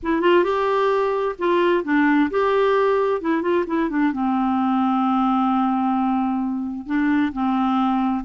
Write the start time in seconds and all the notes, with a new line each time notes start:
0.02 E4
0.21 F4
0.44 G4
1.38 F4
1.84 D4
2.30 G4
3.21 E4
3.41 F4
3.66 E4
3.89 D4
4.12 C4
6.86 D4
7.32 C4